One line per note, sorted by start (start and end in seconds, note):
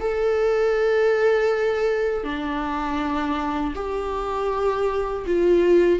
0.00 2.24 A4
2.24 3.74 D4
3.75 5.25 G4
5.26 5.99 F4